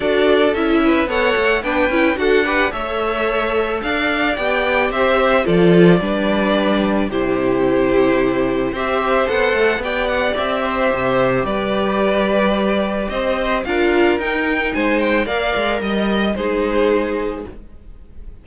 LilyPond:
<<
  \new Staff \with { instrumentName = "violin" } { \time 4/4 \tempo 4 = 110 d''4 e''4 fis''4 g''4 | fis''4 e''2 f''4 | g''4 e''4 d''2~ | d''4 c''2. |
e''4 fis''4 g''8 fis''8 e''4~ | e''4 d''2. | dis''4 f''4 g''4 gis''8 g''8 | f''4 dis''4 c''2 | }
  \new Staff \with { instrumentName = "violin" } { \time 4/4 a'4. b'8 cis''4 b'4 | a'8 b'8 cis''2 d''4~ | d''4 c''4 a'4 b'4~ | b'4 g'2. |
c''2 d''4. c''8~ | c''4 b'2. | c''4 ais'2 c''4 | d''4 dis''4 gis'2 | }
  \new Staff \with { instrumentName = "viola" } { \time 4/4 fis'4 e'4 a'4 d'8 e'8 | fis'8 g'8 a'2. | g'2 f'4 d'4~ | d'4 e'2. |
g'4 a'4 g'2~ | g'1~ | g'4 f'4 dis'2 | ais'2 dis'2 | }
  \new Staff \with { instrumentName = "cello" } { \time 4/4 d'4 cis'4 b8 a8 b8 cis'8 | d'4 a2 d'4 | b4 c'4 f4 g4~ | g4 c2. |
c'4 b8 a8 b4 c'4 | c4 g2. | c'4 d'4 dis'4 gis4 | ais8 gis8 g4 gis2 | }
>>